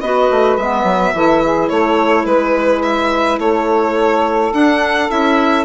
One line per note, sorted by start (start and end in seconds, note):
0.00 0.29 B3
0.00 0.60 F#4
0.00 1.14 B4
0.00 0.56 D#5
0.30 0.57 A3
0.56 0.83 G#3
0.56 1.14 B3
0.56 1.69 E5
0.83 1.12 F#3
1.13 1.69 E3
1.13 4.53 E4
1.13 1.43 A4
1.43 1.70 G#4
1.69 2.25 A3
1.69 2.26 A4
1.69 2.25 C#5
2.25 3.38 G#3
2.25 2.82 B4
2.25 3.40 B4
2.82 3.39 E5
3.38 4.51 A3
3.38 5.64 A4
3.38 4.52 C#5
4.52 5.09 D4
4.52 5.10 F#5
5.09 5.64 C#4
5.09 5.64 E4
5.09 5.64 E5